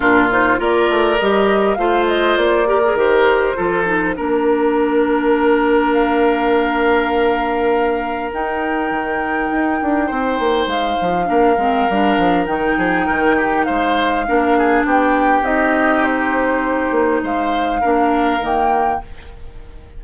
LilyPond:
<<
  \new Staff \with { instrumentName = "flute" } { \time 4/4 \tempo 4 = 101 ais'8 c''8 d''4 dis''4 f''8 dis''8 | d''4 c''2 ais'4~ | ais'2 f''2~ | f''2 g''2~ |
g''2 f''2~ | f''4 g''2 f''4~ | f''4 g''4 dis''4 c''4~ | c''4 f''2 g''4 | }
  \new Staff \with { instrumentName = "oboe" } { \time 4/4 f'4 ais'2 c''4~ | c''8 ais'4. a'4 ais'4~ | ais'1~ | ais'1~ |
ais'4 c''2 ais'4~ | ais'4. gis'8 ais'8 g'8 c''4 | ais'8 gis'8 g'2.~ | g'4 c''4 ais'2 | }
  \new Staff \with { instrumentName = "clarinet" } { \time 4/4 d'8 dis'8 f'4 g'4 f'4~ | f'8 g'16 gis'16 g'4 f'8 dis'8 d'4~ | d'1~ | d'2 dis'2~ |
dis'2. d'8 c'8 | d'4 dis'2. | d'2 dis'2~ | dis'2 d'4 ais4 | }
  \new Staff \with { instrumentName = "bassoon" } { \time 4/4 ais,4 ais8 a8 g4 a4 | ais4 dis4 f4 ais4~ | ais1~ | ais2 dis'4 dis4 |
dis'8 d'8 c'8 ais8 gis8 f8 ais8 gis8 | g8 f8 dis8 f8 dis4 gis4 | ais4 b4 c'2~ | c'8 ais8 gis4 ais4 dis4 | }
>>